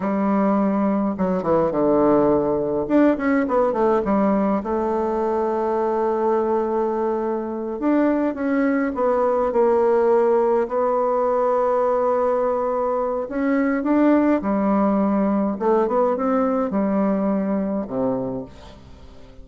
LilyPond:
\new Staff \with { instrumentName = "bassoon" } { \time 4/4 \tempo 4 = 104 g2 fis8 e8 d4~ | d4 d'8 cis'8 b8 a8 g4 | a1~ | a4. d'4 cis'4 b8~ |
b8 ais2 b4.~ | b2. cis'4 | d'4 g2 a8 b8 | c'4 g2 c4 | }